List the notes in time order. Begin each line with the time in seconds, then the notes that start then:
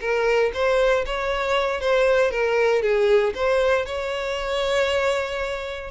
0.00 A#4
0.53 C5
1.06 C#5
1.80 C5
2.31 A#4
2.82 G#4
3.34 C5
3.86 C#5